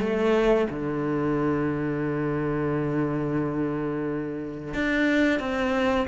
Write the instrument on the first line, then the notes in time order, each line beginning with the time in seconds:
cello
0.00 A3
0.70 D3
4.74 D4
5.39 C4